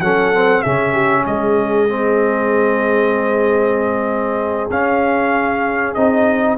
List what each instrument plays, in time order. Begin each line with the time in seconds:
0.00 tuba F#3, trombone C#4, horn A4, trumpet F#5
0.34 trombone C4
0.62 tuba C#3, trombone C#4, horn G#4, trumpet E5
0.93 horn G4
1.26 tuba G#3, horn G#4, trumpet D#5
1.89 trombone C4
4.70 tuba C#4, trombone C#4, trumpet F5
5.94 tuba C4, trombone D#4, trumpet D#5